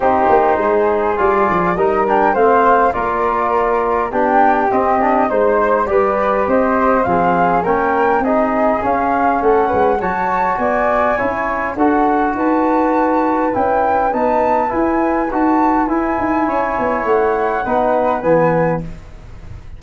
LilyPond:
<<
  \new Staff \with { instrumentName = "flute" } { \time 4/4 \tempo 4 = 102 c''2 d''4 dis''8 g''8 | f''4 d''2 g''4 | dis''4 c''4 d''4 dis''4 | f''4 g''4 dis''4 f''4 |
fis''4 a''4 gis''2 | fis''4 a''2 g''4 | a''4 gis''4 a''4 gis''4~ | gis''4 fis''2 gis''4 | }
  \new Staff \with { instrumentName = "flute" } { \time 4/4 g'4 gis'2 ais'4 | c''4 ais'2 g'4~ | g'4 c''4 b'4 c''4 | gis'4 ais'4 gis'2 |
a'8 b'8 cis''4 d''4 cis''4 | a'4 b'2.~ | b'1 | cis''2 b'2 | }
  \new Staff \with { instrumentName = "trombone" } { \time 4/4 dis'2 f'4 dis'8 d'8 | c'4 f'2 d'4 | c'8 d'8 dis'4 g'2 | c'4 cis'4 dis'4 cis'4~ |
cis'4 fis'2 e'4 | fis'2. e'4 | dis'4 e'4 fis'4 e'4~ | e'2 dis'4 b4 | }
  \new Staff \with { instrumentName = "tuba" } { \time 4/4 c'8 ais8 gis4 g8 f8 g4 | a4 ais2 b4 | c'4 gis4 g4 c'4 | f4 ais4 c'4 cis'4 |
a8 gis8 fis4 b4 cis'4 | d'4 dis'2 cis'4 | b4 e'4 dis'4 e'8 dis'8 | cis'8 b8 a4 b4 e4 | }
>>